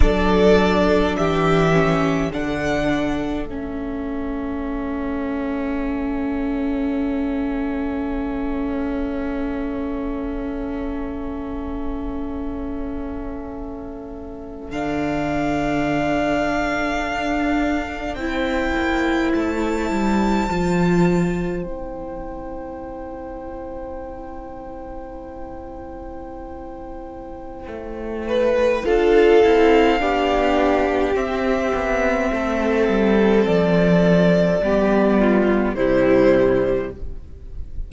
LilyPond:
<<
  \new Staff \with { instrumentName = "violin" } { \time 4/4 \tempo 4 = 52 d''4 e''4 fis''4 e''4~ | e''1~ | e''1~ | e''8. f''2. g''16~ |
g''8. a''2 g''4~ g''16~ | g''1~ | g''4 f''2 e''4~ | e''4 d''2 c''4 | }
  \new Staff \with { instrumentName = "violin" } { \time 4/4 a'4 g'4 a'2~ | a'1~ | a'1~ | a'2.~ a'8. c''16~ |
c''1~ | c''1~ | c''8 b'8 a'4 g'2 | a'2 g'8 f'8 e'4 | }
  \new Staff \with { instrumentName = "viola" } { \time 4/4 d'4. cis'8 d'4 cis'4~ | cis'1~ | cis'1~ | cis'8. d'2. e'16~ |
e'4.~ e'16 f'4 e'4~ e'16~ | e'1~ | e'4 f'8 e'8 d'4 c'4~ | c'2 b4 g4 | }
  \new Staff \with { instrumentName = "cello" } { \time 4/4 fis4 e4 d4 a4~ | a1~ | a1~ | a8. d2 d'4 c'16~ |
c'16 ais8 a8 g8 f4 c'4~ c'16~ | c'1 | a4 d'8 c'8 b4 c'8 b8 | a8 g8 f4 g4 c4 | }
>>